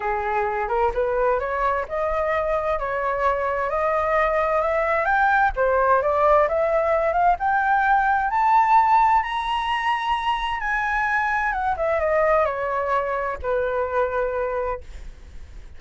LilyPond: \new Staff \with { instrumentName = "flute" } { \time 4/4 \tempo 4 = 130 gis'4. ais'8 b'4 cis''4 | dis''2 cis''2 | dis''2 e''4 g''4 | c''4 d''4 e''4. f''8 |
g''2 a''2 | ais''2. gis''4~ | gis''4 fis''8 e''8 dis''4 cis''4~ | cis''4 b'2. | }